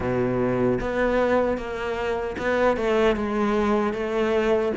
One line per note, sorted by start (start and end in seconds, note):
0.00 0.79 B2
0.80 1.57 B3
1.57 2.36 A#3
2.38 2.76 B3
2.76 3.16 A3
3.16 3.93 G#3
3.93 4.72 A3